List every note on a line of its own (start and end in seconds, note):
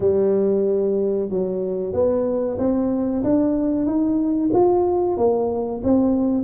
0.00 1.29 G3
1.29 1.93 F#3
1.93 2.57 B3
2.58 3.23 C4
3.23 3.85 D4
3.85 4.50 D#4
4.53 5.17 F4
5.17 5.81 A#3
5.83 6.43 C4